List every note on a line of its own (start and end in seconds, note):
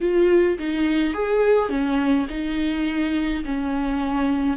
0.00 0.57 F4
0.58 1.13 D#4
1.13 1.69 G#4
1.69 2.26 C#4
2.29 3.44 D#4
3.44 4.56 C#4